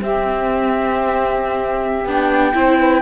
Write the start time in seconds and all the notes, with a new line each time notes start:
0.00 C4 G4 E5
2.05 B3 D4 G5
2.54 C4 E4 C5
2.78 B4